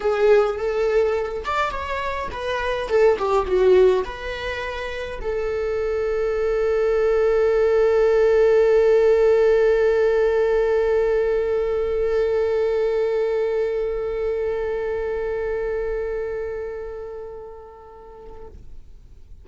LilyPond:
\new Staff \with { instrumentName = "viola" } { \time 4/4 \tempo 4 = 104 gis'4 a'4. d''8 cis''4 | b'4 a'8 g'8 fis'4 b'4~ | b'4 a'2.~ | a'1~ |
a'1~ | a'1~ | a'1~ | a'1 | }